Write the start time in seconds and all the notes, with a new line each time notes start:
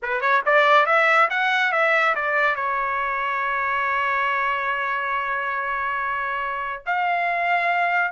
0.02 B4
0.20 C#5
0.45 D5
0.86 E5
1.30 F#5
1.72 E5
2.15 D5
2.55 C#5
6.86 F5